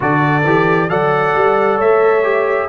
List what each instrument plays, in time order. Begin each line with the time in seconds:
0.00 tuba D3, trombone F#4, horn A4, trumpet D5
0.44 tuba E3, trombone G4
0.89 tuba F#3, trombone A4, horn D5, trumpet F#5
1.34 tuba G3
1.77 tuba A3, horn C#5, trumpet E5
2.23 trombone G4